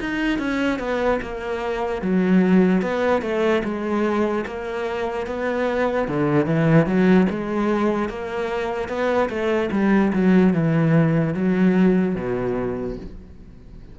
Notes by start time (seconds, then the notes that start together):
0.00 D#4
0.38 C#4
0.79 B3
1.22 A#3
2.02 F#3
2.82 B3
3.22 A3
3.64 G#3
4.46 A#3
5.27 B3
6.07 D3
6.45 E3
6.86 F#3
7.29 G#3
8.09 A#3
8.88 B3
9.29 A3
9.71 G3
10.13 F#3
10.53 E3
11.34 F#3
12.15 B2